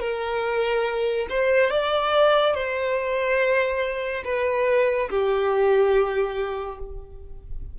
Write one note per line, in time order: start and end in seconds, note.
0.00 1.27 A#4
1.30 1.71 C5
1.71 2.54 D5
2.54 4.23 C5
4.25 5.09 B4
5.10 6.79 G4